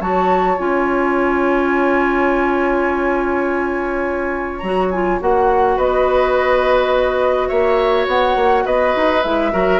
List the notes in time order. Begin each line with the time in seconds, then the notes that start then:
0.00 F#3 F#4 C#5 A5
0.58 C#4 F4 G#5
4.59 F#3 A#5
4.65 F#4
4.91 F4 G#5
5.20 A#3 F#4 F#5
5.76 B3 B4 D#5
7.49 A#3 C#5 E5
8.07 B3 F#5
8.36 A#3
8.66 B3 B4 D#5
8.96 D#4
9.23 G#3 E4 E5
9.52 F#3 F#4 A#4